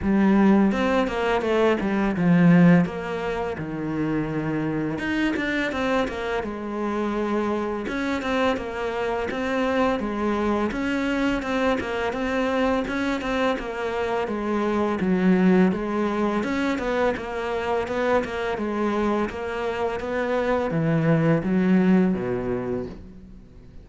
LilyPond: \new Staff \with { instrumentName = "cello" } { \time 4/4 \tempo 4 = 84 g4 c'8 ais8 a8 g8 f4 | ais4 dis2 dis'8 d'8 | c'8 ais8 gis2 cis'8 c'8 | ais4 c'4 gis4 cis'4 |
c'8 ais8 c'4 cis'8 c'8 ais4 | gis4 fis4 gis4 cis'8 b8 | ais4 b8 ais8 gis4 ais4 | b4 e4 fis4 b,4 | }